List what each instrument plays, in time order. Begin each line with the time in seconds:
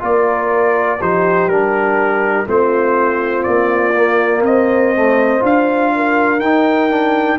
0.00 tuba A#3, trombone F4, horn A#4, trumpet D5
1.00 tuba F3, trombone D#4, horn G4, trumpet C5
1.48 tuba G3, trombone D4, trumpet A#4
2.47 tuba A3, trombone C4, horn F4, trumpet C5
3.43 tuba A#3, trumpet D5
3.97 trombone A#3
4.42 tuba C4, horn C5, trumpet D#5
4.95 trombone A3
5.40 tuba D4, trombone F4
5.46 trumpet F5
5.95 horn A#4
6.40 tuba D#4, trombone D#4, trumpet G5
6.90 trombone D4